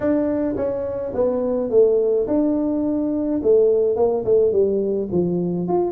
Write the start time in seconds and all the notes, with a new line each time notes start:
0.00 D4
0.56 C#4
1.14 B3
1.70 A3
2.27 D4
3.42 A3
3.96 A#3
4.25 A3
4.52 G3
5.11 F3
5.68 F4